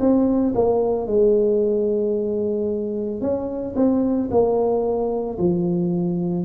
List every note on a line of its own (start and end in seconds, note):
0.00 0.54 C4
0.55 1.07 A#3
1.07 3.21 G#3
3.21 3.75 C#4
3.75 4.29 C4
4.31 5.38 A#3
5.38 6.45 F3